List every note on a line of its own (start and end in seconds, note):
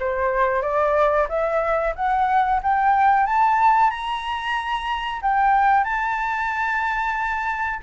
0.00 0.63 C5
0.63 1.28 D5
1.29 1.94 E5
1.96 2.61 F#5
2.64 3.27 G5
3.27 3.91 A5
3.91 5.21 A#5
5.22 5.84 G5
5.84 7.80 A5